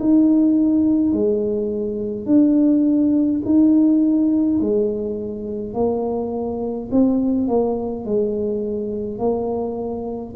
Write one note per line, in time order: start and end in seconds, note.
0.00 1.13 D#4
1.13 2.26 G#3
2.26 3.41 D4
3.45 4.60 D#4
4.60 5.74 G#3
5.74 6.90 A#3
6.92 7.48 C4
7.48 8.05 A#3
8.05 9.19 G#3
9.19 10.34 A#3